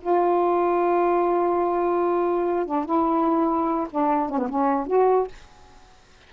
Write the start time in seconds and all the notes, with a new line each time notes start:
0.00 F4
2.65 D4
2.85 E4
3.90 D4
4.29 C#4
4.38 B3
4.49 C#4
4.86 F#4